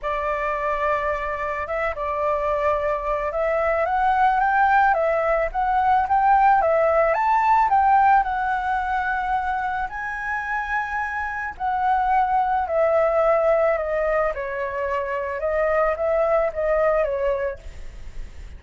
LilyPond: \new Staff \with { instrumentName = "flute" } { \time 4/4 \tempo 4 = 109 d''2. e''8 d''8~ | d''2 e''4 fis''4 | g''4 e''4 fis''4 g''4 | e''4 a''4 g''4 fis''4~ |
fis''2 gis''2~ | gis''4 fis''2 e''4~ | e''4 dis''4 cis''2 | dis''4 e''4 dis''4 cis''4 | }